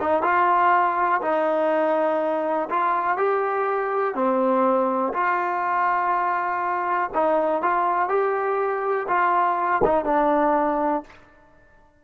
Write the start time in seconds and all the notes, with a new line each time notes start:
0.00 D#4
0.23 F4
1.21 D#4
2.70 F4
3.17 G4
4.14 C4
5.13 F4
7.14 D#4
7.62 F4
8.09 G4
9.08 F4
9.84 D#4
10.05 D4